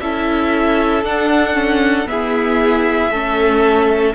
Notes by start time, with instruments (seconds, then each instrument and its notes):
0.00 cello C#4, viola E4, violin A4 E5
1.03 cello D4, viola D4, violin F#5
1.54 viola C#4
2.06 viola B3, cello E4, violin G#4 E5
3.10 cello A3, viola C#4, violin A4